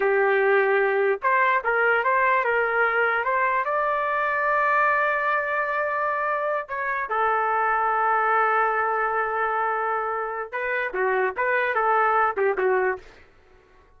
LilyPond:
\new Staff \with { instrumentName = "trumpet" } { \time 4/4 \tempo 4 = 148 g'2. c''4 | ais'4 c''4 ais'2 | c''4 d''2.~ | d''1~ |
d''8 cis''4 a'2~ a'8~ | a'1~ | a'2 b'4 fis'4 | b'4 a'4. g'8 fis'4 | }